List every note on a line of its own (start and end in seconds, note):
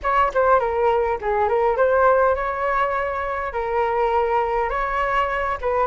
0.02 0.32 C#5
0.34 0.59 C5
0.59 1.18 A#4
1.21 1.48 G#4
1.48 1.76 A#4
1.76 2.35 C5
2.35 3.53 C#5
3.53 4.69 A#4
4.69 5.57 C#5
5.61 5.86 B4